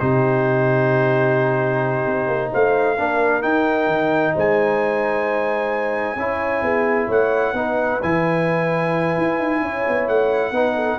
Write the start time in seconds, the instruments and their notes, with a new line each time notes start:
0.00 tuba C3, trombone D#4, horn G4, trumpet C5
2.07 tuba C4
2.28 tuba A#3
2.52 tuba A3, horn C5, trumpet F5
2.98 tuba A#3, trombone D4, horn A#4
3.42 trombone D#4, tuba D#4, trumpet G5
3.88 tuba D#3
4.34 tuba G#3, horn C5, trumpet G#5
6.16 tuba C#4, trombone E4, horn C#5
6.62 tuba B3, horn G#4
7.08 tuba A3, horn C#5, trumpet F#5
7.54 tuba B3, trombone D#4, horn B4
8.03 tuba E3, trombone E4, trumpet G#5
9.18 tuba E4
9.39 tuba D#4
9.62 tuba C#4, horn C#5
9.89 tuba B3
10.09 tuba A3, trumpet F#5
10.52 tuba B3, trombone D#4, horn B4
10.75 horn A4